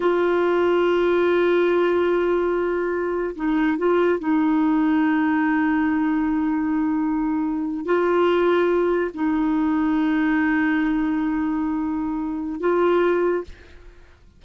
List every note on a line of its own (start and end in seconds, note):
0.00 3.35 F4
3.35 3.77 D#4
3.77 4.19 F4
4.19 7.85 D#4
7.85 9.11 F4
9.14 12.60 D#4
12.60 13.44 F4